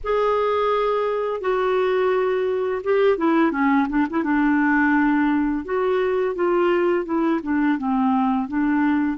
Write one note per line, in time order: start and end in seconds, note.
0.04 1.41 G#4
1.41 2.82 F#4
2.83 3.17 G4
3.17 3.51 E4
3.51 3.87 C#4
3.89 4.06 D4
4.09 4.24 E4
4.24 5.64 D4
5.64 6.35 F#4
6.35 7.05 F4
7.05 7.40 E4
7.42 7.77 D4
7.77 8.47 C4
8.47 9.17 D4